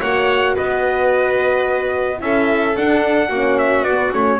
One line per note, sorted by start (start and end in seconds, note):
0.00 0.58 A#3
0.00 2.18 F#4
0.00 0.55 C#5
0.00 0.57 F#5
0.55 2.21 B3
0.55 2.20 B4
0.55 2.21 D#5
2.18 2.76 C#4
2.18 2.74 E4
2.18 3.29 A4
2.18 2.76 E5
2.77 3.32 D4
2.77 3.30 D4
2.77 3.58 F#5
3.29 3.82 A#3
3.29 3.87 C#4
3.29 4.39 F#4
3.58 3.84 E5
3.82 4.10 B3
3.82 4.13 B3
3.82 4.12 D5
4.13 4.40 A3
4.13 4.40 C#4
4.13 4.40 C#5